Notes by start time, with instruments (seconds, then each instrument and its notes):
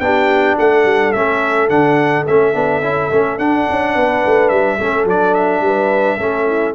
0.00 tuba B3, trombone D4, horn G4, trumpet G5
0.58 tuba A3, horn A4, trumpet F#5
0.85 tuba G3
1.12 tuba A3, trombone C#4, trumpet E5
1.70 tuba D3, trombone D4, trumpet F#5
2.27 tuba A3, trombone C#4, trumpet E5
2.54 tuba B3, trombone D4
2.81 tuba C#4, trombone E4
3.11 tuba A3, trombone C#4
3.38 tuba D4, trombone D4, trumpet F#5
3.70 tuba C#4
3.94 tuba B3, horn B4
4.26 tuba A3
4.49 tuba G3, trumpet E5
4.78 tuba A3, trombone C#4, horn A4
5.05 tuba F#3, trombone D4, trumpet D5
5.35 trumpet E5
5.60 tuba G3, horn B4
6.18 tuba A3, trombone C#4, horn A4
6.47 horn E4